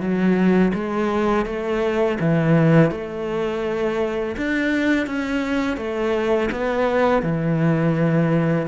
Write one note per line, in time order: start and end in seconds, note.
0.00 0.72 F#3
0.74 1.46 G#3
1.46 2.18 A3
2.19 2.91 E3
2.91 4.36 A3
4.37 5.06 D4
5.06 5.77 C#4
5.77 6.49 A3
6.51 7.23 B3
7.23 8.67 E3